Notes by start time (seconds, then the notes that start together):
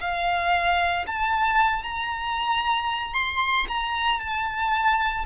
0.00 F5
1.07 A5
1.83 A#5
3.13 C6
3.67 A#5
4.20 A5